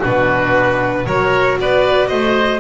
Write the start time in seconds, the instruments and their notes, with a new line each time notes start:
0.00 double bass B2, viola D4, oboe F#4, violin B4
1.06 double bass F#3, viola F#4, oboe A#4, violin C#5
1.59 double bass B3, oboe B4, violin D5
2.08 double bass A3, oboe C5, violin D#5